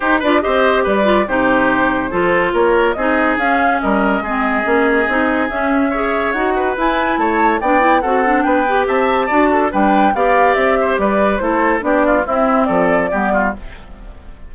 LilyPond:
<<
  \new Staff \with { instrumentName = "flute" } { \time 4/4 \tempo 4 = 142 c''8 d''8 dis''4 d''4 c''4~ | c''2 cis''4 dis''4 | f''4 dis''2.~ | dis''4 e''2 fis''4 |
gis''4 a''4 g''4 fis''4 | g''4 a''2 g''4 | f''4 e''4 d''4 c''4 | d''4 e''4 d''2 | }
  \new Staff \with { instrumentName = "oboe" } { \time 4/4 g'8 b'8 c''4 b'4 g'4~ | g'4 a'4 ais'4 gis'4~ | gis'4 ais'4 gis'2~ | gis'2 cis''4. b'8~ |
b'4 cis''4 d''4 a'4 | b'4 e''4 d''8 a'8 b'4 | d''4. c''8 b'4 a'4 | g'8 f'8 e'4 a'4 g'8 f'8 | }
  \new Staff \with { instrumentName = "clarinet" } { \time 4/4 dis'8 f'8 g'4. f'8 dis'4~ | dis'4 f'2 dis'4 | cis'2 c'4 cis'4 | dis'4 cis'4 gis'4 fis'4 |
e'2 d'8 e'8 fis'8 d'8~ | d'8 g'4. fis'4 d'4 | g'2. e'4 | d'4 c'2 b4 | }
  \new Staff \with { instrumentName = "bassoon" } { \time 4/4 dis'8 d'8 c'4 g4 c4~ | c4 f4 ais4 c'4 | cis'4 g4 gis4 ais4 | c'4 cis'2 dis'4 |
e'4 a4 b4 c'4 | b4 c'4 d'4 g4 | b4 c'4 g4 a4 | b4 c'4 f4 g4 | }
>>